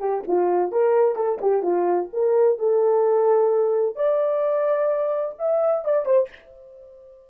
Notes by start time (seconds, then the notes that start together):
0.00 G4
0.28 F4
0.72 A#4
1.16 A4
1.42 G4
1.63 F4
2.14 A#4
2.59 A4
3.96 D5
5.39 E5
5.85 D5
6.06 C5